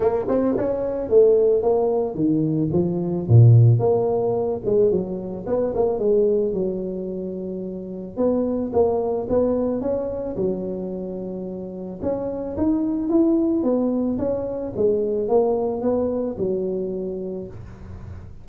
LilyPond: \new Staff \with { instrumentName = "tuba" } { \time 4/4 \tempo 4 = 110 ais8 c'8 cis'4 a4 ais4 | dis4 f4 ais,4 ais4~ | ais8 gis8 fis4 b8 ais8 gis4 | fis2. b4 |
ais4 b4 cis'4 fis4~ | fis2 cis'4 dis'4 | e'4 b4 cis'4 gis4 | ais4 b4 fis2 | }